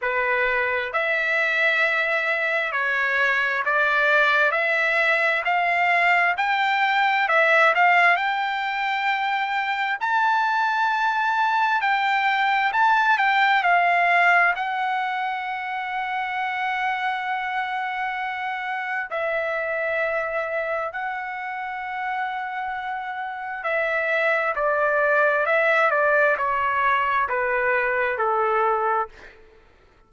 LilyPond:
\new Staff \with { instrumentName = "trumpet" } { \time 4/4 \tempo 4 = 66 b'4 e''2 cis''4 | d''4 e''4 f''4 g''4 | e''8 f''8 g''2 a''4~ | a''4 g''4 a''8 g''8 f''4 |
fis''1~ | fis''4 e''2 fis''4~ | fis''2 e''4 d''4 | e''8 d''8 cis''4 b'4 a'4 | }